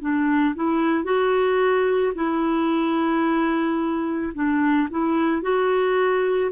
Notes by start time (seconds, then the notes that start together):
0.00 D4
0.55 E4
1.04 F#4
2.14 E4
4.34 D4
4.90 E4
5.42 F#4